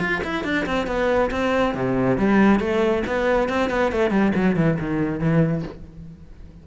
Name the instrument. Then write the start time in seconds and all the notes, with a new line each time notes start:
cello
0.00 F4
0.24 E4
0.44 D4
0.66 C4
0.87 B3
1.31 C4
1.75 C3
2.18 G3
2.60 A3
3.07 B3
3.49 C4
3.70 B3
3.92 A3
4.11 G3
4.35 F#3
4.57 E3
4.80 D#3
5.20 E3